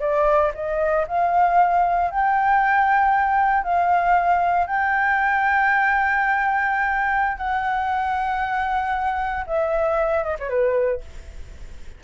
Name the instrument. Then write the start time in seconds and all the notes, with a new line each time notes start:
flute
0.00 D5
0.54 D#5
1.07 F5
2.11 G5
3.63 F5
4.67 G5
7.38 F#5
9.47 E5
10.23 D#5
10.39 C#5
10.49 B4